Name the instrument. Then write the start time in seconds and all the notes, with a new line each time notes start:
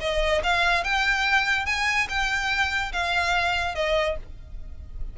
violin
0.00 D#5
0.43 F5
0.83 G5
1.66 G#5
2.09 G5
2.93 F5
3.75 D#5